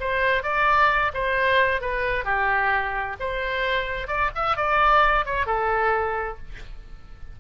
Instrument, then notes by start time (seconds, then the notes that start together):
oboe
0.00 C5
0.43 D5
1.14 C5
1.81 B4
2.24 G4
3.20 C5
4.07 D5
4.35 E5
4.57 D5
5.25 C#5
5.46 A4